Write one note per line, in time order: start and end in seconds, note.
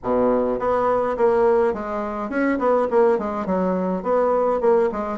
0.03 0.59 B2
0.59 1.16 B3
1.17 1.73 A#3
1.73 2.29 G#3
2.29 2.58 C#4
2.58 2.87 B3
2.90 3.18 A#3
3.18 3.46 G#3
3.46 4.03 F#3
4.03 4.60 B3
4.60 4.89 A#3
4.92 5.18 G#3